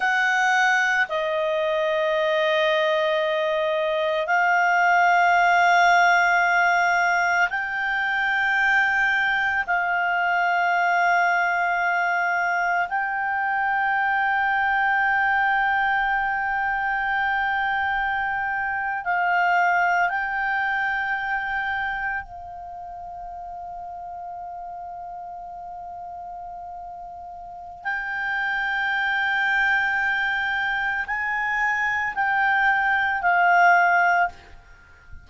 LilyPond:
\new Staff \with { instrumentName = "clarinet" } { \time 4/4 \tempo 4 = 56 fis''4 dis''2. | f''2. g''4~ | g''4 f''2. | g''1~ |
g''4.~ g''16 f''4 g''4~ g''16~ | g''8. f''2.~ f''16~ | f''2 g''2~ | g''4 gis''4 g''4 f''4 | }